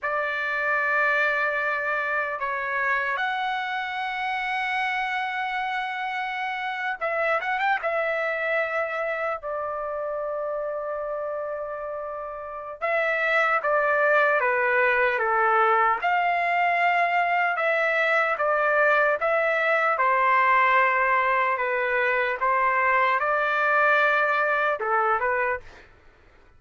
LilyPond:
\new Staff \with { instrumentName = "trumpet" } { \time 4/4 \tempo 4 = 75 d''2. cis''4 | fis''1~ | fis''8. e''8 fis''16 g''16 e''2 d''16~ | d''1 |
e''4 d''4 b'4 a'4 | f''2 e''4 d''4 | e''4 c''2 b'4 | c''4 d''2 a'8 b'8 | }